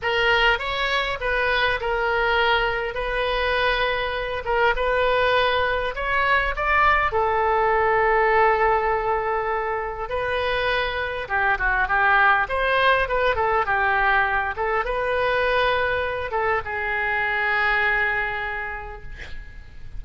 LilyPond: \new Staff \with { instrumentName = "oboe" } { \time 4/4 \tempo 4 = 101 ais'4 cis''4 b'4 ais'4~ | ais'4 b'2~ b'8 ais'8 | b'2 cis''4 d''4 | a'1~ |
a'4 b'2 g'8 fis'8 | g'4 c''4 b'8 a'8 g'4~ | g'8 a'8 b'2~ b'8 a'8 | gis'1 | }